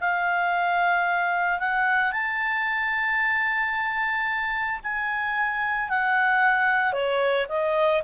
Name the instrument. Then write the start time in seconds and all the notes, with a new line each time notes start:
clarinet
0.00 F5
1.59 F#5
2.12 A5
4.83 G#5
5.89 F#5
6.92 C#5
7.48 D#5